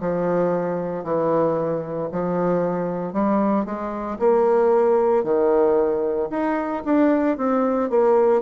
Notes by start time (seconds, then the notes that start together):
0.00 F3
1.04 E3
2.11 F3
3.13 G3
3.65 G#3
4.19 A#3
5.23 D#3
6.30 D#4
6.85 D4
7.37 C4
7.90 A#3